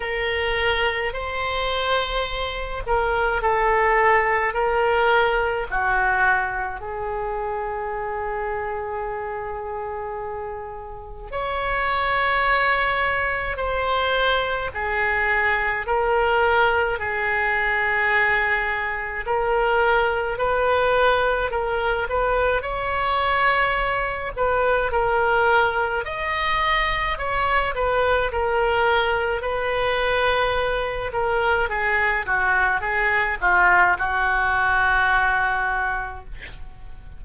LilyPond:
\new Staff \with { instrumentName = "oboe" } { \time 4/4 \tempo 4 = 53 ais'4 c''4. ais'8 a'4 | ais'4 fis'4 gis'2~ | gis'2 cis''2 | c''4 gis'4 ais'4 gis'4~ |
gis'4 ais'4 b'4 ais'8 b'8 | cis''4. b'8 ais'4 dis''4 | cis''8 b'8 ais'4 b'4. ais'8 | gis'8 fis'8 gis'8 f'8 fis'2 | }